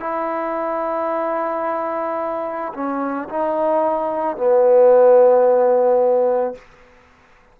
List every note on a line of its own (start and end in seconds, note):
0.00 2.73 E4
2.74 3.28 C#4
3.29 4.37 D#4
4.37 6.55 B3